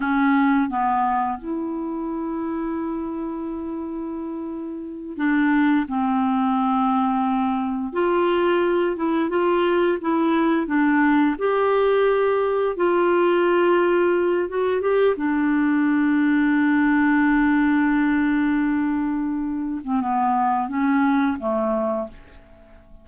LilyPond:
\new Staff \with { instrumentName = "clarinet" } { \time 4/4 \tempo 4 = 87 cis'4 b4 e'2~ | e'2.~ e'8 d'8~ | d'8 c'2. f'8~ | f'4 e'8 f'4 e'4 d'8~ |
d'8 g'2 f'4.~ | f'4 fis'8 g'8 d'2~ | d'1~ | d'8. c'16 b4 cis'4 a4 | }